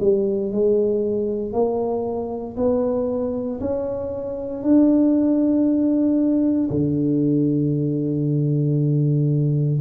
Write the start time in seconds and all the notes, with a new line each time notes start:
0.00 G3
0.52 G#3
1.53 A#3
2.57 B3
3.61 C#4
4.63 D4
6.70 D3